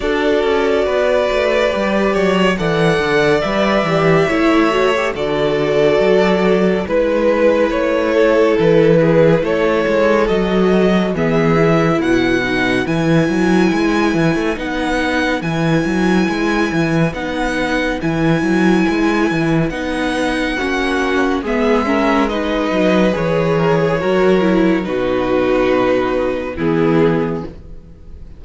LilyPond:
<<
  \new Staff \with { instrumentName = "violin" } { \time 4/4 \tempo 4 = 70 d''2. fis''4 | e''2 d''2 | b'4 cis''4 b'4 cis''4 | dis''4 e''4 fis''4 gis''4~ |
gis''4 fis''4 gis''2 | fis''4 gis''2 fis''4~ | fis''4 e''4 dis''4 cis''4~ | cis''4 b'2 gis'4 | }
  \new Staff \with { instrumentName = "violin" } { \time 4/4 a'4 b'4. cis''8 d''4~ | d''4 cis''4 a'2 | b'4. a'4 gis'8 a'4~ | a'4 gis'4 b'2~ |
b'1~ | b'1 | fis'4 gis'8 ais'8 b'4. ais'16 gis'16 | ais'4 fis'2 e'4 | }
  \new Staff \with { instrumentName = "viola" } { \time 4/4 fis'2 g'4 a'4 | b'8 g'8 e'8 fis'16 g'16 fis'2 | e'1 | fis'4 b8 e'4 dis'8 e'4~ |
e'4 dis'4 e'2 | dis'4 e'2 dis'4 | cis'4 b8 cis'8 dis'4 gis'4 | fis'8 e'8 dis'2 b4 | }
  \new Staff \with { instrumentName = "cello" } { \time 4/4 d'8 cis'8 b8 a8 g8 fis8 e8 d8 | g8 e8 a4 d4 fis4 | gis4 a4 e4 a8 gis8 | fis4 e4 b,4 e8 fis8 |
gis8 e16 a16 b4 e8 fis8 gis8 e8 | b4 e8 fis8 gis8 e8 b4 | ais4 gis4. fis8 e4 | fis4 b,2 e4 | }
>>